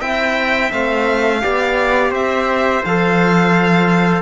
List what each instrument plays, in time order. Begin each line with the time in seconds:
0.00 cello C4, trombone E4, trumpet E5, violin G5
0.71 cello A3, trombone C4, violin F5
1.41 cello B3, trombone G4, trumpet D5
2.10 cello C4, trumpet C5, violin E5
2.84 cello F3, trombone A4, violin F5